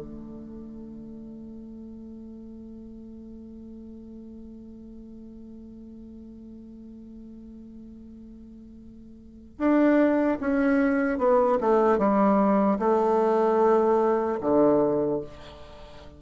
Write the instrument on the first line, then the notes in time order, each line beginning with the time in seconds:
bassoon
0.00 A3
9.59 D4
10.40 C#4
11.18 B3
11.61 A3
11.98 G3
12.79 A3
14.41 D3